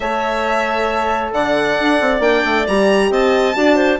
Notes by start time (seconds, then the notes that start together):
0.00 A3 A4 C#5 E5
1.32 D3 D5 F#5
1.80 D4
2.01 C4
2.19 A#3 D4 G5
2.45 A3
2.67 G3 G4 A#5
3.10 C4 D#5 A5
3.54 D4 F#4 D5
3.75 C5